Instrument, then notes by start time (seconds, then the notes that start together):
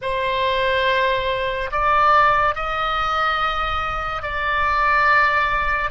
oboe
0.01 C5
1.71 D5
2.55 D#5
4.22 D5